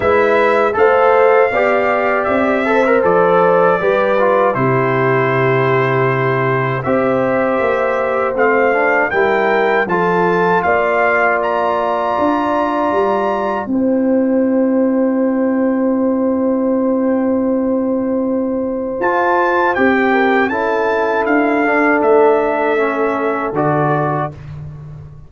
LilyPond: <<
  \new Staff \with { instrumentName = "trumpet" } { \time 4/4 \tempo 4 = 79 e''4 f''2 e''4 | d''2 c''2~ | c''4 e''2 f''4 | g''4 a''4 f''4 ais''4~ |
ais''2 g''2~ | g''1~ | g''4 a''4 g''4 a''4 | f''4 e''2 d''4 | }
  \new Staff \with { instrumentName = "horn" } { \time 4/4 b'4 c''4 d''4. c''8~ | c''4 b'4 g'2~ | g'4 c''2. | ais'4 a'4 d''2~ |
d''2 c''2~ | c''1~ | c''2~ c''8 ais'8 a'4~ | a'1 | }
  \new Staff \with { instrumentName = "trombone" } { \time 4/4 e'4 a'4 g'4. a'16 ais'16 | a'4 g'8 f'8 e'2~ | e'4 g'2 c'8 d'8 | e'4 f'2.~ |
f'2 e'2~ | e'1~ | e'4 f'4 g'4 e'4~ | e'8 d'4. cis'4 fis'4 | }
  \new Staff \with { instrumentName = "tuba" } { \time 4/4 gis4 a4 b4 c'4 | f4 g4 c2~ | c4 c'4 ais4 a4 | g4 f4 ais2 |
d'4 g4 c'2~ | c'1~ | c'4 f'4 c'4 cis'4 | d'4 a2 d4 | }
>>